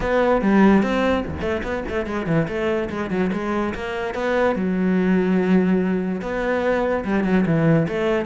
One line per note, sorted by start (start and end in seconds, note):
0.00 0.41 B3
0.41 0.82 G3
0.82 1.24 C4
1.26 1.41 D#2
1.41 1.61 A3
1.63 1.83 B3
1.88 2.06 A3
2.06 2.26 G#3
2.26 2.47 E3
2.48 2.89 A3
2.89 3.10 G#3
3.10 3.30 F#3
3.32 3.74 G#3
3.74 4.14 A#3
4.14 4.55 B3
4.55 6.21 F#3
6.21 7.04 B3
7.05 7.24 G3
7.24 7.44 F#3
7.45 7.87 E3
7.88 8.25 A3